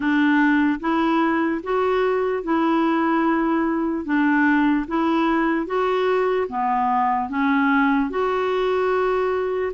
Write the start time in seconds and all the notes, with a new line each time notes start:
0.00 D4
0.80 E4
1.63 F#4
2.43 E4
4.04 D4
4.87 E4
5.66 F#4
6.48 B3
7.29 C#4
8.10 F#4